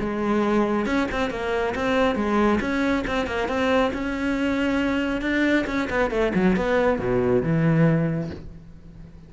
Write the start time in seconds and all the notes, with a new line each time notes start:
0.00 G#3
0.86 C#4
1.11 C4
1.30 A#3
1.75 C4
2.16 G#3
2.61 C#4
3.07 C4
3.27 A#3
3.48 C4
3.93 C#4
5.22 D4
5.67 C#4
5.90 B3
6.11 A3
6.35 F#3
6.56 B3
6.99 B2
7.43 E3